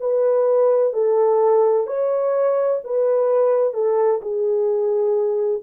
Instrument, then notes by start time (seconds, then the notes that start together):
horn
0.00 B4
0.93 A4
1.87 C#5
2.84 B4
3.74 A4
4.21 G#4